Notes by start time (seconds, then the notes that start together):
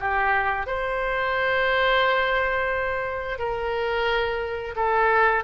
0.00 G4
0.67 C5
3.39 A#4
4.76 A4